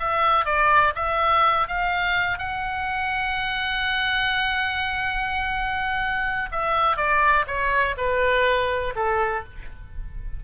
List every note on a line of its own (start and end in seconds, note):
0.00 0.45 E5
0.45 0.94 D5
0.96 1.68 E5
1.68 2.39 F5
2.39 6.50 F#5
6.52 6.97 E5
6.97 7.45 D5
7.47 7.96 C#5
7.98 8.94 B4
8.96 9.44 A4